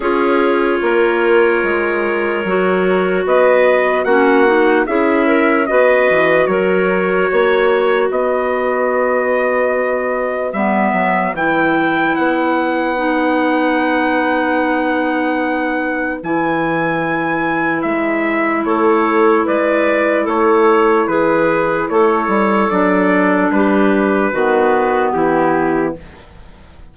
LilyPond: <<
  \new Staff \with { instrumentName = "trumpet" } { \time 4/4 \tempo 4 = 74 cis''1 | dis''4 fis''4 e''4 dis''4 | cis''2 dis''2~ | dis''4 e''4 g''4 fis''4~ |
fis''1 | gis''2 e''4 cis''4 | d''4 cis''4 b'4 cis''4 | d''4 b'2 g'4 | }
  \new Staff \with { instrumentName = "clarinet" } { \time 4/4 gis'4 ais'2. | b'4 fis'4 gis'8 ais'8 b'4 | ais'4 cis''4 b'2~ | b'1~ |
b'1~ | b'2. a'4 | b'4 a'4 gis'4 a'4~ | a'4 g'4 fis'4 e'4 | }
  \new Staff \with { instrumentName = "clarinet" } { \time 4/4 f'2. fis'4~ | fis'4 cis'8 dis'8 e'4 fis'4~ | fis'1~ | fis'4 b4 e'2 |
dis'1 | e'1~ | e'1 | d'2 b2 | }
  \new Staff \with { instrumentName = "bassoon" } { \time 4/4 cis'4 ais4 gis4 fis4 | b4 ais4 cis'4 b8 e8 | fis4 ais4 b2~ | b4 g8 fis8 e4 b4~ |
b1 | e2 gis4 a4 | gis4 a4 e4 a8 g8 | fis4 g4 dis4 e4 | }
>>